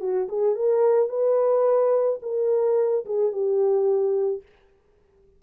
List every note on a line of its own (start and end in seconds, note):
0.00 0.28 F#4
0.28 0.55 G#4
0.55 1.09 A#4
1.09 2.19 B4
2.22 3.05 A#4
3.05 3.32 G#4
3.32 4.42 G4